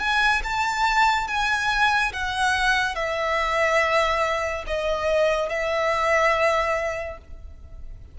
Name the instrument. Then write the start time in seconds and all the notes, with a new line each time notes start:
violin
0.00 G#5
0.44 A5
1.28 G#5
2.14 F#5
2.96 E5
4.67 D#5
5.50 E5